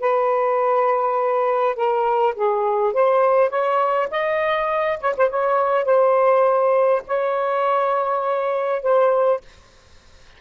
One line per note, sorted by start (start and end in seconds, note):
0.00 1.76 B4
1.76 2.34 A#4
2.36 2.93 G#4
2.93 3.50 C5
3.50 4.09 C#5
4.11 4.99 D#5
5.00 5.15 C#5
5.17 5.30 C5
5.30 5.85 C#5
5.85 7.02 C5
7.07 8.82 C#5
8.82 9.41 C5